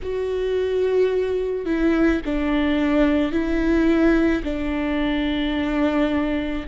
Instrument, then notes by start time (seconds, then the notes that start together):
viola
0.02 F#4
1.65 E4
2.25 D4
3.31 E4
4.43 D4